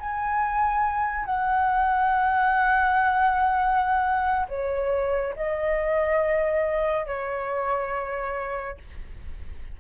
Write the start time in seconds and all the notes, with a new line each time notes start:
0.00 G#5
1.25 F#5
4.49 C#5
5.36 D#5
7.06 C#5